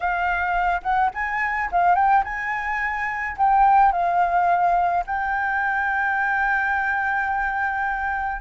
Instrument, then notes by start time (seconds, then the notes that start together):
flute
0.00 F5
0.82 F#5
1.14 G#5
1.71 F5
1.95 G5
2.24 G#5
3.37 G5
3.92 F5
5.06 G5